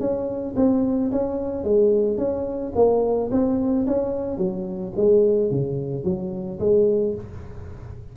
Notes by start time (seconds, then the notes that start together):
0.00 C#4
0.56 C4
1.12 C#4
1.64 G#3
2.18 C#4
2.76 A#3
3.31 C4
3.87 C#4
4.38 F#3
4.97 G#3
5.51 C#3
6.04 F#3
6.60 G#3